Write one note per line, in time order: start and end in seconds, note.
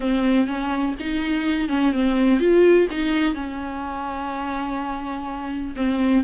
0.00 0.47 C4
0.47 0.95 C#4
0.99 1.68 D#4
1.68 1.92 C#4
1.92 2.39 C4
2.39 2.87 F4
2.90 3.34 D#4
3.34 5.74 C#4
5.76 6.24 C4